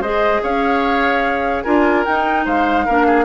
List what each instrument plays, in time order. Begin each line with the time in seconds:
0.00 bassoon G#3, clarinet G#4, oboe C5, flute D#5
0.43 bassoon C#4, oboe C#5, flute F5
1.63 bassoon D4, clarinet F4, oboe A#4, flute G#5
2.05 clarinet D#4, bassoon D#4, flute G5
2.45 bassoon G#3, oboe C5, flute F5
2.86 bassoon A#3, clarinet D4, oboe A#4
3.07 oboe G#4